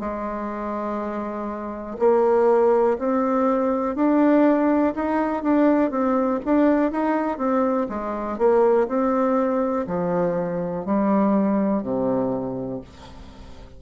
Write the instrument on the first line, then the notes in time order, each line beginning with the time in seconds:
bassoon
0.00 G#3
1.99 A#3
2.99 C4
3.96 D4
4.95 D#4
5.43 D4
5.91 C4
6.45 D4
6.92 D#4
7.38 C4
7.89 G#3
8.38 A#3
8.88 C4
9.87 F3
10.85 G3
11.83 C3